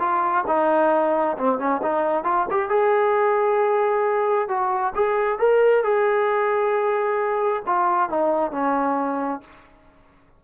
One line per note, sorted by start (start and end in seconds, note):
0.00 0.45 F4
0.47 1.37 D#4
1.38 1.59 C4
1.59 1.81 C#4
1.83 2.24 D#4
2.24 2.47 F4
2.51 2.69 G4
2.69 4.49 G#4
4.49 4.94 F#4
4.96 5.39 G#4
5.39 5.84 A#4
5.84 7.63 G#4
7.67 8.10 F4
8.10 8.52 D#4
8.52 9.41 C#4